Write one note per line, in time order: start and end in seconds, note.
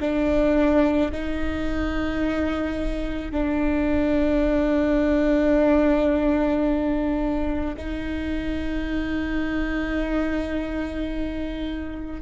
0.00 1.11 D4
1.11 3.31 D#4
3.31 7.76 D4
7.77 12.21 D#4